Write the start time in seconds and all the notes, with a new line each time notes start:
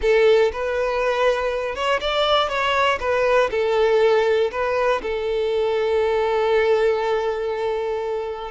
0.01 A4
0.52 B4
1.75 C#5
2.00 D5
2.48 C#5
3.00 B4
3.50 A4
4.51 B4
5.02 A4